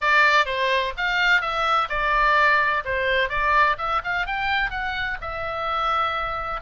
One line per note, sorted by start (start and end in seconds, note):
0.01 0.45 D5
0.45 0.93 C5
0.97 1.41 F5
1.41 1.88 E5
1.89 2.83 D5
2.84 3.29 C5
3.29 3.76 D5
3.78 4.01 E5
4.04 4.26 F5
4.26 4.70 G5
4.70 5.17 F#5
5.21 6.61 E5